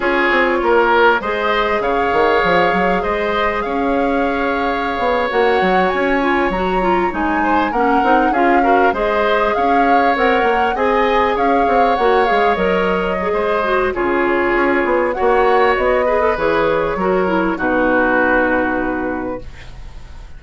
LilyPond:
<<
  \new Staff \with { instrumentName = "flute" } { \time 4/4 \tempo 4 = 99 cis''2 dis''4 f''4~ | f''4 dis''4 f''2~ | f''8. fis''4 gis''4 ais''4 gis''16~ | gis''8. fis''4 f''4 dis''4 f''16~ |
f''8. fis''4 gis''4 f''4 fis''16~ | fis''16 f''8 dis''2~ dis''16 cis''4~ | cis''4 fis''4 dis''4 cis''4~ | cis''4 b'2. | }
  \new Staff \with { instrumentName = "oboe" } { \time 4/4 gis'4 ais'4 c''4 cis''4~ | cis''4 c''4 cis''2~ | cis''1~ | cis''16 c''8 ais'4 gis'8 ais'8 c''4 cis''16~ |
cis''4.~ cis''16 dis''4 cis''4~ cis''16~ | cis''2 c''4 gis'4~ | gis'4 cis''4. b'4. | ais'4 fis'2. | }
  \new Staff \with { instrumentName = "clarinet" } { \time 4/4 f'2 gis'2~ | gis'1~ | gis'8. fis'4. f'8 fis'8 f'8 dis'16~ | dis'8. cis'8 dis'8 f'8 fis'8 gis'4~ gis'16~ |
gis'8. ais'4 gis'2 fis'16~ | fis'16 gis'8 ais'4 gis'8. fis'8 f'4~ | f'4 fis'4. gis'16 a'16 gis'4 | fis'8 e'8 dis'2. | }
  \new Staff \with { instrumentName = "bassoon" } { \time 4/4 cis'8 c'8 ais4 gis4 cis8 dis8 | f8 fis8 gis4 cis'2~ | cis'16 b8 ais8 fis8 cis'4 fis4 gis16~ | gis8. ais8 c'8 cis'4 gis4 cis'16~ |
cis'8. c'8 ais8 c'4 cis'8 c'8 ais16~ | ais16 gis8 fis4~ fis16 gis4 cis4 | cis'8 b8 ais4 b4 e4 | fis4 b,2. | }
>>